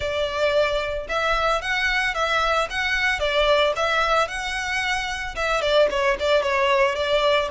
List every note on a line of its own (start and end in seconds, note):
0.00 1.07 D5
1.09 1.61 E5
1.61 2.14 F#5
2.14 2.68 E5
2.69 3.19 F#5
3.19 3.73 D5
3.75 4.28 E5
4.28 5.35 F#5
5.35 5.61 E5
5.61 5.88 D5
5.90 6.17 C#5
6.19 6.42 D5
6.42 6.95 C#5
6.95 7.48 D5